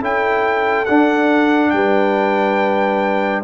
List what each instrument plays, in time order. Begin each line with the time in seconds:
0.00 tuba C#4, trombone E4, horn A4, trumpet G5
0.85 trombone D4, tuba D4, trumpet F#5
1.70 tuba G3, horn B4, trumpet G5